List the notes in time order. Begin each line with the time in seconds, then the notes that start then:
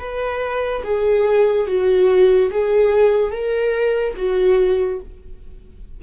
0.00 B4
0.84 G#4
1.67 F#4
2.51 G#4
3.31 A#4
4.17 F#4